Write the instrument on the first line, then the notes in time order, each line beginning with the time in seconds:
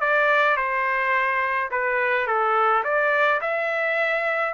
trumpet
0.00 D5
0.56 C5
1.71 B4
2.27 A4
2.84 D5
3.41 E5